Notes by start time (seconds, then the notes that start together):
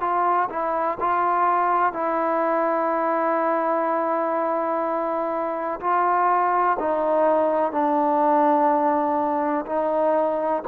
0.00 F4
0.49 E4
1.00 F4
1.93 E4
5.80 F4
6.79 D#4
7.72 D4
9.66 D#4